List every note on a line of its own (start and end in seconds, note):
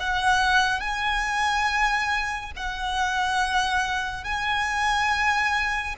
0.00 0.80 F#5
0.80 2.52 G#5
2.56 4.24 F#5
4.24 5.95 G#5